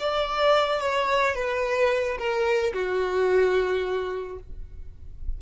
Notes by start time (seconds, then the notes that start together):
0.00 D5
0.80 C#5
1.35 B4
2.18 A#4
2.73 F#4